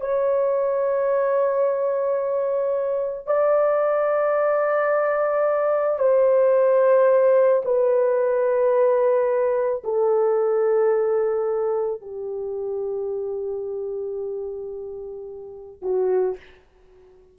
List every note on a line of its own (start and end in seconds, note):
0.00 3.26 C#5
3.26 5.99 D5
5.99 7.62 C5
7.64 9.82 B4
9.83 12.00 A4
12.00 15.81 G4
15.81 16.36 F#4